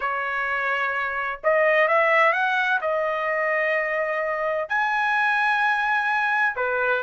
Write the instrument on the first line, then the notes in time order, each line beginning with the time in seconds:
trumpet
0.00 C#5
1.43 D#5
1.88 E5
2.32 F#5
2.81 D#5
4.69 G#5
6.55 B4